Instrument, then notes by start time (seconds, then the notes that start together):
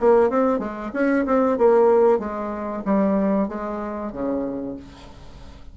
bassoon
0.00 A#3
0.30 C4
0.59 G#3
0.94 C#4
1.26 C4
1.58 A#3
2.19 G#3
2.85 G3
3.48 G#3
4.12 C#3